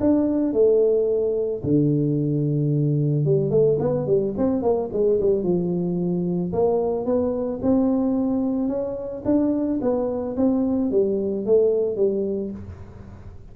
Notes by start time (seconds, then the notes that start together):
0.00 D4
0.53 A3
1.63 D3
3.25 G3
3.51 A3
3.79 B3
4.07 G3
4.37 C4
4.62 A#3
4.93 G#3
5.20 G3
5.43 F3
6.53 A#3
7.05 B3
7.62 C4
8.68 C#4
9.25 D4
9.81 B3
10.37 C4
10.91 G3
11.46 A3
11.96 G3